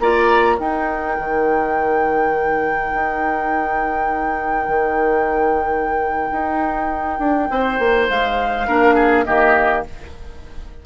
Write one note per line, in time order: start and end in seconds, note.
0.00 0.59 A#3
0.00 0.58 F4
0.00 0.56 D5
0.00 0.59 A#5
0.56 8.67 D#4
0.56 1.18 D#4
0.56 7.48 A#4
0.56 8.10 G5
1.19 2.94 D#3
2.94 4.68 D#4
4.68 6.30 D#3
6.32 7.19 D#4
7.19 7.49 D4
7.51 7.79 C4
7.51 8.68 C5
7.79 8.09 A#3
8.10 8.68 G#3
8.10 9.25 F5
8.68 9.27 A#3
8.68 9.27 D4
8.68 8.95 A#4
8.95 9.25 G#4
9.25 9.86 D#3
9.25 9.85 A#3
9.25 9.86 G4
9.25 9.84 D#5